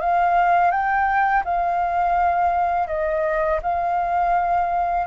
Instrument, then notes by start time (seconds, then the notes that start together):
flute
0.00 F5
0.71 G5
1.45 F5
2.87 D#5
3.62 F5